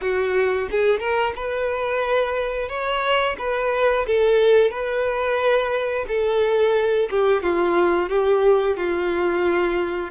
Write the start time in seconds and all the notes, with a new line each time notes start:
0.01 F#4
0.70 G#4
0.99 A#4
1.35 B4
2.68 C#5
3.38 B4
4.06 A4
4.70 B4
6.08 A4
7.10 G4
7.42 F4
8.09 G4
8.76 F4